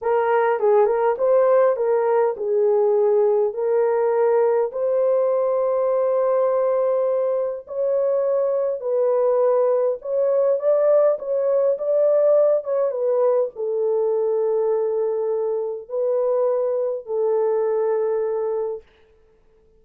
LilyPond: \new Staff \with { instrumentName = "horn" } { \time 4/4 \tempo 4 = 102 ais'4 gis'8 ais'8 c''4 ais'4 | gis'2 ais'2 | c''1~ | c''4 cis''2 b'4~ |
b'4 cis''4 d''4 cis''4 | d''4. cis''8 b'4 a'4~ | a'2. b'4~ | b'4 a'2. | }